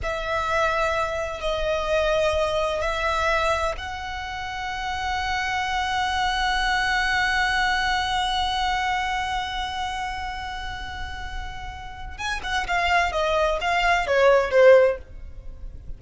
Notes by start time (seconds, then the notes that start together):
0.03 E5
1.40 D#5
2.81 E5
3.77 F#5
12.17 G#5
12.43 F#5
12.67 F5
13.11 D#5
13.60 F5
14.06 C#5
14.51 C5